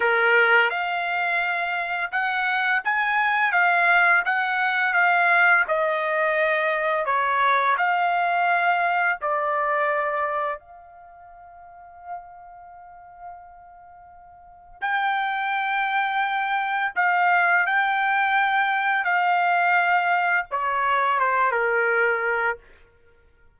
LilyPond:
\new Staff \with { instrumentName = "trumpet" } { \time 4/4 \tempo 4 = 85 ais'4 f''2 fis''4 | gis''4 f''4 fis''4 f''4 | dis''2 cis''4 f''4~ | f''4 d''2 f''4~ |
f''1~ | f''4 g''2. | f''4 g''2 f''4~ | f''4 cis''4 c''8 ais'4. | }